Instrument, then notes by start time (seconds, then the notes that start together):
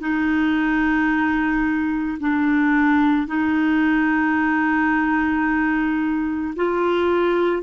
clarinet
0.00 D#4
2.20 D4
3.27 D#4
6.56 F4